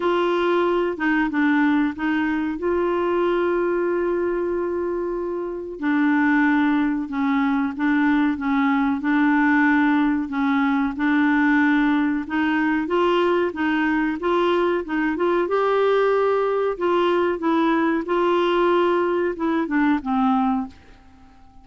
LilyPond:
\new Staff \with { instrumentName = "clarinet" } { \time 4/4 \tempo 4 = 93 f'4. dis'8 d'4 dis'4 | f'1~ | f'4 d'2 cis'4 | d'4 cis'4 d'2 |
cis'4 d'2 dis'4 | f'4 dis'4 f'4 dis'8 f'8 | g'2 f'4 e'4 | f'2 e'8 d'8 c'4 | }